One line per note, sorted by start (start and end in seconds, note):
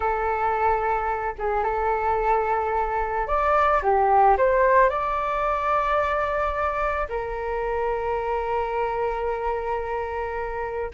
0.00 1.34 A4
1.38 1.63 G#4
1.63 3.27 A4
3.27 3.81 D5
3.82 4.37 G4
4.37 4.89 C5
4.89 7.08 D5
7.09 10.90 A#4